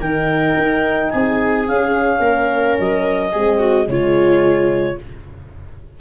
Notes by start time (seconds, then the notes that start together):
0.00 D#3 D#4 A#4 G5
0.57 D#4
1.10 C4 G#4 G#5
1.68 C#4 F5
2.19 A#3 A#4
2.79 F#3 D#5
3.31 G#3 C4 G#4
3.59 F#4
3.87 C#3 G#3 F4 C#5